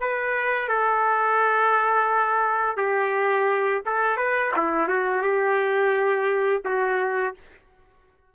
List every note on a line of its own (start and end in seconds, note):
0.00 0.68 B4
0.68 2.77 A4
2.77 3.82 G4
3.86 4.17 A4
4.17 4.52 B4
4.56 4.88 E4
4.88 5.22 F#4
5.22 6.62 G4
6.65 7.34 F#4